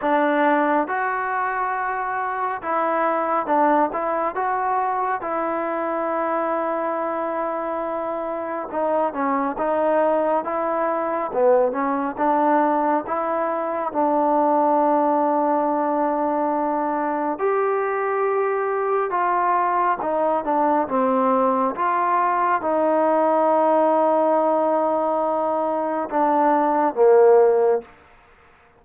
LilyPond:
\new Staff \with { instrumentName = "trombone" } { \time 4/4 \tempo 4 = 69 d'4 fis'2 e'4 | d'8 e'8 fis'4 e'2~ | e'2 dis'8 cis'8 dis'4 | e'4 b8 cis'8 d'4 e'4 |
d'1 | g'2 f'4 dis'8 d'8 | c'4 f'4 dis'2~ | dis'2 d'4 ais4 | }